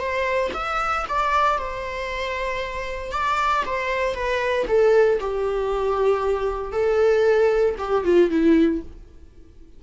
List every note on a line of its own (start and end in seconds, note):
0.00 0.52 C5
0.54 1.06 E5
1.09 1.58 D5
1.58 3.12 C5
3.12 3.63 D5
3.66 4.15 C5
4.15 4.66 B4
4.67 5.19 A4
5.20 6.72 G4
6.72 7.76 A4
7.78 8.04 G4
8.05 8.30 F4
8.30 8.82 E4